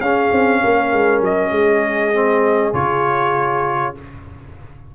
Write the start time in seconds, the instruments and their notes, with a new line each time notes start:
0.00 tuba C#4, trombone C#4, horn G#4, trumpet F5
0.32 tuba C4
0.62 tuba A#3, horn A#4
0.93 tuba G#3
1.21 tuba F#3, trumpet D#5
1.51 tuba G#3, horn G#4
2.14 trombone C4
2.73 tuba C#3, trombone F4, trumpet C#5